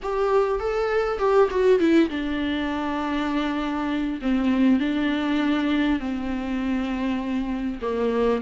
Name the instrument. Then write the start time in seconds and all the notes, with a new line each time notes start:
viola
0.02 G4
0.59 A4
1.18 G4
1.50 F#4
1.79 E4
2.09 D4
4.21 C4
4.79 D4
5.99 C4
7.81 A#3